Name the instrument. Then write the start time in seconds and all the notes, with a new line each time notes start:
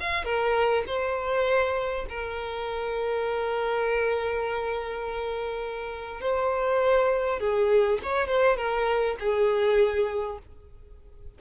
violin
0.00 F5
0.25 A#4
0.87 C5
2.09 A#4
6.21 C5
7.40 G#4
8.03 C#5
8.27 C5
8.57 A#4
9.19 G#4